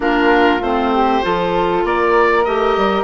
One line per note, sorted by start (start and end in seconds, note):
0.00 0.60 A#3
0.00 0.60 D4
0.00 0.92 F4
0.00 0.62 A#4
0.60 1.21 A3
0.60 1.22 C4
0.60 1.84 C5
0.93 1.24 G4
1.22 1.84 F3
1.22 2.44 F4
1.22 1.86 A4
1.84 2.45 A#3
1.84 3.04 A#4
1.84 2.44 D5
2.44 2.77 A3
2.44 3.04 G4
2.44 3.04 D#5
2.77 3.04 G3